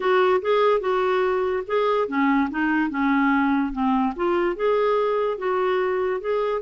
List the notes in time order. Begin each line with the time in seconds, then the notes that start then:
0.00 F#4
0.41 G#4
0.80 F#4
1.66 G#4
2.08 C#4
2.50 D#4
2.89 C#4
3.72 C4
4.16 F4
4.55 G#4
5.38 F#4
6.20 G#4